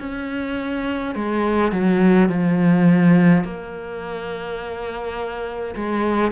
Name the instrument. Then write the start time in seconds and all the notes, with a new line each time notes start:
cello
0.00 C#4
1.15 G#3
1.73 F#3
2.30 F3
3.45 A#3
5.76 G#3